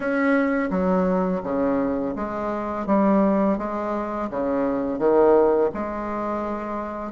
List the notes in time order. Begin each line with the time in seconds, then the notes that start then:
0.00 C#4
0.70 F#3
1.43 C#3
2.15 G#3
2.86 G3
3.57 G#3
4.30 C#3
4.98 D#3
5.74 G#3